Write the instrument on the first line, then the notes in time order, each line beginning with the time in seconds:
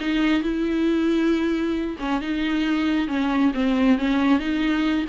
viola
0.00 D#4
0.43 E4
1.99 C#4
2.21 D#4
3.08 C#4
3.54 C4
3.98 C#4
4.39 D#4